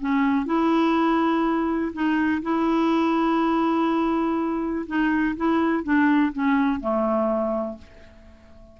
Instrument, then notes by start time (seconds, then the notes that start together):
clarinet
0.00 C#4
0.46 E4
1.93 D#4
2.42 E4
4.86 D#4
5.36 E4
5.83 D4
6.32 C#4
6.80 A3